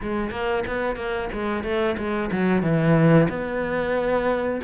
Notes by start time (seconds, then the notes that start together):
0.02 G#3
0.31 A#3
0.66 B3
0.96 A#3
1.32 G#3
1.63 A3
1.97 G#3
2.31 F#3
2.62 E3
3.29 B3